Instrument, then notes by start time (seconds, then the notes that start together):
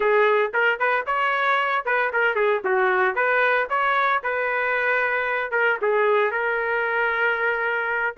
trumpet
0.00 G#4
0.53 A#4
0.79 B4
1.06 C#5
1.85 B4
2.12 A#4
2.35 G#4
2.64 F#4
3.15 B4
3.69 C#5
4.23 B4
5.51 A#4
5.81 G#4
6.31 A#4